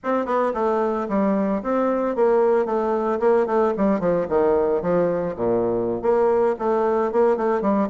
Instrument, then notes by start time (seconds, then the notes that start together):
bassoon
0.03 C4
0.25 B3
0.54 A3
1.08 G3
1.62 C4
2.15 A#3
2.65 A3
3.19 A#3
3.46 A3
3.77 G3
4.00 F3
4.29 D#3
4.82 F3
5.36 A#2
6.01 A#3
6.58 A3
7.12 A#3
7.37 A3
7.61 G3